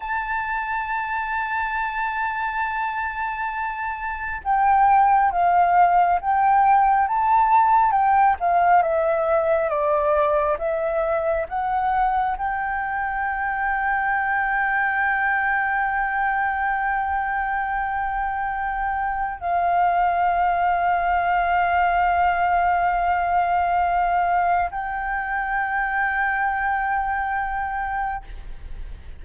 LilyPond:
\new Staff \with { instrumentName = "flute" } { \time 4/4 \tempo 4 = 68 a''1~ | a''4 g''4 f''4 g''4 | a''4 g''8 f''8 e''4 d''4 | e''4 fis''4 g''2~ |
g''1~ | g''2 f''2~ | f''1 | g''1 | }